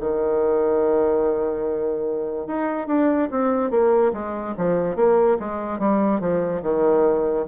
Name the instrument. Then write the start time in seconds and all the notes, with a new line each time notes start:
bassoon
0.00 D#3
2.47 D#4
2.87 D4
3.31 C4
3.71 A#3
4.13 G#3
4.58 F3
4.96 A#3
5.40 G#3
5.79 G3
6.20 F3
6.62 D#3